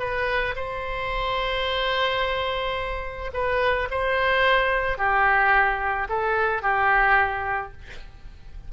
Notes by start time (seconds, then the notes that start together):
0.00 B4
0.56 C5
3.34 B4
3.91 C5
4.98 G4
6.10 A4
6.63 G4